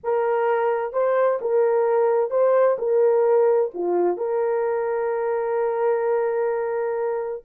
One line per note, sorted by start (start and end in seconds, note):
0.03 0.92 A#4
0.92 1.39 C5
1.41 2.30 A#4
2.30 2.77 C5
2.78 3.71 A#4
3.74 4.17 F4
4.17 7.42 A#4